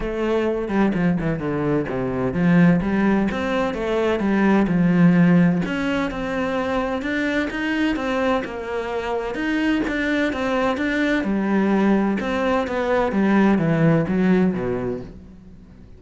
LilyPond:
\new Staff \with { instrumentName = "cello" } { \time 4/4 \tempo 4 = 128 a4. g8 f8 e8 d4 | c4 f4 g4 c'4 | a4 g4 f2 | cis'4 c'2 d'4 |
dis'4 c'4 ais2 | dis'4 d'4 c'4 d'4 | g2 c'4 b4 | g4 e4 fis4 b,4 | }